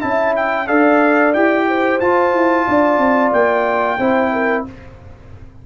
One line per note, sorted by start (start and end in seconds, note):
0.00 0.68 C#4
0.00 0.66 E4
0.00 0.67 E5
0.00 0.34 A5
0.36 0.67 G5
0.67 1.34 D4
0.67 1.33 A4
0.67 1.66 D5
0.67 1.33 F5
1.33 2.00 E4
1.33 2.00 G4
1.33 1.99 G5
1.68 2.66 C5
1.99 3.98 F4
1.99 2.33 F4
1.99 3.31 A5
2.33 2.66 E4
2.66 2.97 D4
2.66 3.98 D5
2.97 3.30 C4
3.32 3.98 A#3
3.32 4.64 G5
3.98 4.64 C4
3.98 4.66 E4
3.98 4.31 C5
4.32 4.65 A#4